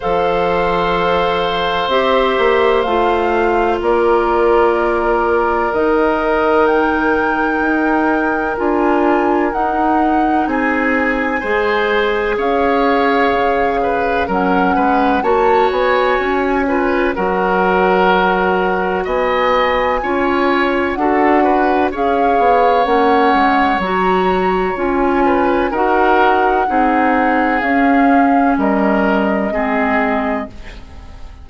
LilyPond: <<
  \new Staff \with { instrumentName = "flute" } { \time 4/4 \tempo 4 = 63 f''2 e''4 f''4 | d''2 dis''4 g''4~ | g''4 gis''4 fis''4 gis''4~ | gis''4 f''2 fis''4 |
a''8 gis''4. fis''2 | gis''2 fis''4 f''4 | fis''4 ais''4 gis''4 fis''4~ | fis''4 f''4 dis''2 | }
  \new Staff \with { instrumentName = "oboe" } { \time 4/4 c''1 | ais'1~ | ais'2. gis'4 | c''4 cis''4. b'8 ais'8 b'8 |
cis''4. b'8 ais'2 | dis''4 cis''4 a'8 b'8 cis''4~ | cis''2~ cis''8 b'8 ais'4 | gis'2 ais'4 gis'4 | }
  \new Staff \with { instrumentName = "clarinet" } { \time 4/4 a'2 g'4 f'4~ | f'2 dis'2~ | dis'4 f'4 dis'2 | gis'2. cis'4 |
fis'4. f'8 fis'2~ | fis'4 f'4 fis'4 gis'4 | cis'4 fis'4 f'4 fis'4 | dis'4 cis'2 c'4 | }
  \new Staff \with { instrumentName = "bassoon" } { \time 4/4 f2 c'8 ais8 a4 | ais2 dis2 | dis'4 d'4 dis'4 c'4 | gis4 cis'4 cis4 fis8 gis8 |
ais8 b8 cis'4 fis2 | b4 cis'4 d'4 cis'8 b8 | ais8 gis8 fis4 cis'4 dis'4 | c'4 cis'4 g4 gis4 | }
>>